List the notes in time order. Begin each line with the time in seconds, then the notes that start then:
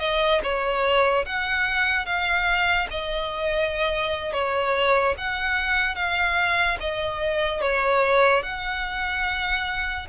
0.00 D#5
0.43 C#5
1.26 F#5
2.06 F5
2.91 D#5
4.33 C#5
5.18 F#5
5.96 F5
6.81 D#5
7.61 C#5
8.43 F#5